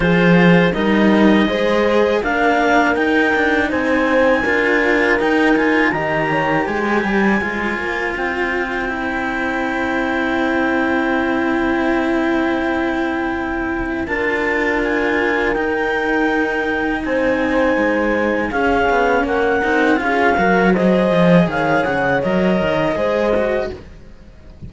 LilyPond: <<
  \new Staff \with { instrumentName = "clarinet" } { \time 4/4 \tempo 4 = 81 c''4 dis''2 f''4 | g''4 gis''2 g''8 gis''8 | ais''4 gis''2 g''4~ | g''1~ |
g''2. a''4 | gis''4 g''2 gis''4~ | gis''4 f''4 fis''4 f''4 | dis''4 f''8 fis''8 dis''2 | }
  \new Staff \with { instrumentName = "horn" } { \time 4/4 gis'4 ais'4 c''4 ais'4~ | ais'4 c''4 ais'2 | dis''8 cis''8 c''2.~ | c''1~ |
c''2. ais'4~ | ais'2. c''4~ | c''4 gis'4 ais'4 gis'8 ais'8 | c''4 cis''2 c''4 | }
  \new Staff \with { instrumentName = "cello" } { \time 4/4 f'4 dis'4 gis'4 d'4 | dis'2 f'4 dis'8 f'8 | g'2 f'2 | e'1~ |
e'2. f'4~ | f'4 dis'2.~ | dis'4 cis'4. dis'8 f'8 fis'8 | gis'2 ais'4 gis'8 fis'8 | }
  \new Staff \with { instrumentName = "cello" } { \time 4/4 f4 g4 gis4 ais4 | dis'8 d'8 c'4 d'4 dis'4 | dis4 gis8 g8 gis8 ais8 c'4~ | c'1~ |
c'2. d'4~ | d'4 dis'2 c'4 | gis4 cis'8 b8 ais8 c'8 cis'8 fis8~ | fis8 f8 dis8 cis8 fis8 dis8 gis4 | }
>>